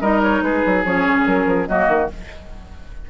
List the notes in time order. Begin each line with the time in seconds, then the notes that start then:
0.00 G3 D#4 A#4 D#5
0.22 C#5
0.41 G#3 G#4 B4
0.66 F#3
0.84 F3 C#4 C#5
1.07 C#3
1.26 F#3 A#4
1.46 F3
1.68 F#3 A#3 F#4 D#5
1.88 D#3